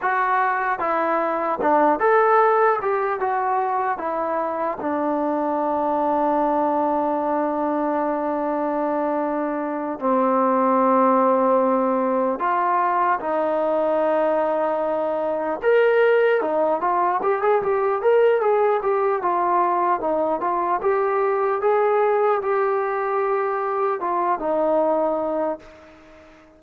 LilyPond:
\new Staff \with { instrumentName = "trombone" } { \time 4/4 \tempo 4 = 75 fis'4 e'4 d'8 a'4 g'8 | fis'4 e'4 d'2~ | d'1~ | d'8 c'2. f'8~ |
f'8 dis'2. ais'8~ | ais'8 dis'8 f'8 g'16 gis'16 g'8 ais'8 gis'8 g'8 | f'4 dis'8 f'8 g'4 gis'4 | g'2 f'8 dis'4. | }